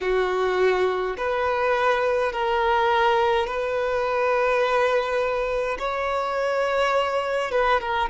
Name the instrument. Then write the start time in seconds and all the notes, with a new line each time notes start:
violin
0.01 F#4
1.17 B4
2.32 A#4
3.46 B4
5.78 C#5
7.51 B4
7.80 A#4